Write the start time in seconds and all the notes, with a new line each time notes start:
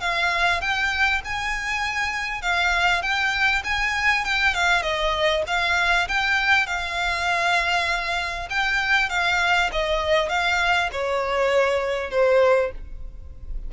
0.00 F5
0.61 G5
1.24 G#5
2.42 F5
3.02 G5
3.64 G#5
4.24 G5
4.54 F5
4.82 D#5
5.47 F5
6.08 G5
6.66 F5
8.49 G5
9.09 F5
9.72 D#5
10.29 F5
10.92 C#5
12.10 C5